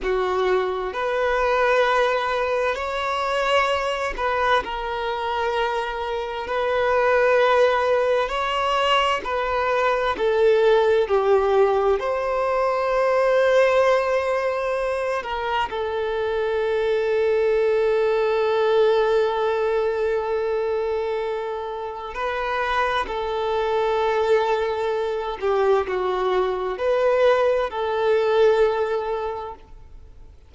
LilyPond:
\new Staff \with { instrumentName = "violin" } { \time 4/4 \tempo 4 = 65 fis'4 b'2 cis''4~ | cis''8 b'8 ais'2 b'4~ | b'4 cis''4 b'4 a'4 | g'4 c''2.~ |
c''8 ais'8 a'2.~ | a'1 | b'4 a'2~ a'8 g'8 | fis'4 b'4 a'2 | }